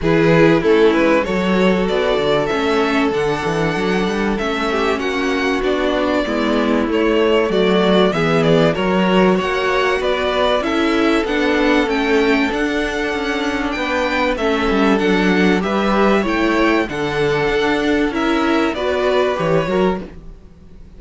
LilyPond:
<<
  \new Staff \with { instrumentName = "violin" } { \time 4/4 \tempo 4 = 96 b'4 a'8 b'8 cis''4 d''4 | e''4 fis''2 e''4 | fis''4 d''2 cis''4 | d''4 e''8 d''8 cis''4 fis''4 |
d''4 e''4 fis''4 g''4 | fis''2 g''4 e''4 | fis''4 e''4 g''4 fis''4~ | fis''4 e''4 d''4 cis''4 | }
  \new Staff \with { instrumentName = "violin" } { \time 4/4 gis'4 e'4 a'2~ | a'2.~ a'8 g'8 | fis'2 e'2 | fis'4 gis'4 ais'4 cis''4 |
b'4 a'2.~ | a'2 b'4 a'4~ | a'4 b'4 cis''4 a'4~ | a'4 ais'4 b'4. ais'8 | }
  \new Staff \with { instrumentName = "viola" } { \time 4/4 e'4 cis'4 fis'2 | cis'4 d'2 cis'4~ | cis'4 d'4 b4 a4~ | a4 b4 fis'2~ |
fis'4 e'4 d'4 cis'4 | d'2. cis'4 | d'4 g'4 e'4 d'4~ | d'4 e'4 fis'4 g'8 fis'8 | }
  \new Staff \with { instrumentName = "cello" } { \time 4/4 e4 a8 gis8 fis4 b8 d8 | a4 d8 e8 fis8 g8 a4 | ais4 b4 gis4 a4 | fis4 e4 fis4 ais4 |
b4 cis'4 b4 a4 | d'4 cis'4 b4 a8 g8 | fis4 g4 a4 d4 | d'4 cis'4 b4 e8 fis8 | }
>>